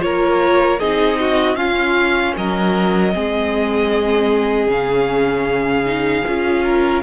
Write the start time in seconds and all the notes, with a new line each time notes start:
0.00 A#3 F4 A#4 C#5
0.80 C4 D#4 G#4 D#5
1.20 F#4
1.55 C#4 F4 F5
2.37 F#3 A#4 D#5
3.14 G#3 C4 G#4
4.67 C#3 C#4 F5
5.86 D#4
6.27 C#4 F4
6.64 A#4